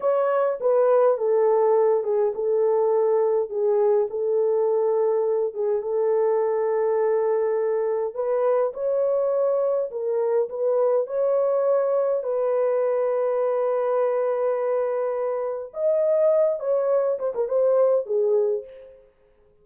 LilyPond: \new Staff \with { instrumentName = "horn" } { \time 4/4 \tempo 4 = 103 cis''4 b'4 a'4. gis'8 | a'2 gis'4 a'4~ | a'4. gis'8 a'2~ | a'2 b'4 cis''4~ |
cis''4 ais'4 b'4 cis''4~ | cis''4 b'2.~ | b'2. dis''4~ | dis''8 cis''4 c''16 ais'16 c''4 gis'4 | }